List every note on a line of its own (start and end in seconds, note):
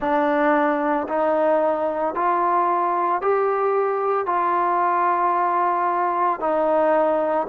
0.00 1.07 D4
1.08 2.14 D#4
2.14 3.21 F4
3.21 4.26 G4
4.26 6.39 F4
6.39 7.47 D#4